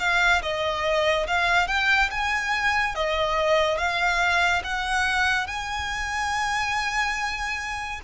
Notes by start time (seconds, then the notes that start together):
0.00 F5
0.43 D#5
1.28 F5
1.68 G5
2.11 G#5
2.96 D#5
3.78 F5
4.64 F#5
5.48 G#5